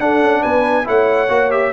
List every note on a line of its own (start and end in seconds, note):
0.00 0.85 D4
0.00 0.21 D4
0.00 0.42 A4
0.00 0.43 F#5
0.21 0.43 C#4
0.42 0.88 B3
0.42 0.85 B4
0.42 0.86 G#5
0.85 1.29 A3
0.85 1.28 E4
0.85 1.73 C#5
0.85 1.51 F#5
1.29 1.73 A#3
1.29 1.51 F#4
1.51 1.72 G4
1.51 1.73 E5